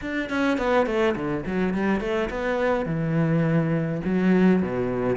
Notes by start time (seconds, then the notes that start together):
0.01 D4
0.29 C#4
0.57 B3
0.86 A3
1.15 D3
1.46 F#3
1.73 G3
2.00 A3
2.30 B3
2.85 E3
4.04 F#3
4.62 B2